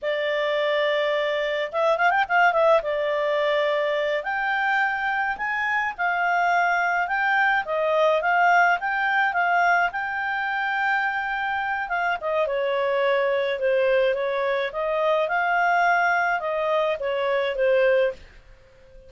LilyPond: \new Staff \with { instrumentName = "clarinet" } { \time 4/4 \tempo 4 = 106 d''2. e''8 f''16 g''16 | f''8 e''8 d''2~ d''8 g''8~ | g''4. gis''4 f''4.~ | f''8 g''4 dis''4 f''4 g''8~ |
g''8 f''4 g''2~ g''8~ | g''4 f''8 dis''8 cis''2 | c''4 cis''4 dis''4 f''4~ | f''4 dis''4 cis''4 c''4 | }